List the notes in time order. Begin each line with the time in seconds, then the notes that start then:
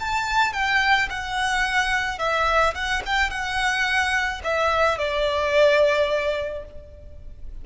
0.00 A5
0.54 G5
1.10 F#5
2.19 E5
2.75 F#5
3.06 G5
3.30 F#5
4.44 E5
4.98 D5